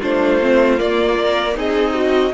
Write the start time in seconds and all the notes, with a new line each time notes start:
0.00 A3 D4 F4 C5
0.42 C4
0.79 A#3 D5
1.19 A#4
1.55 C4 D#4 G#4 D#5
1.94 F#4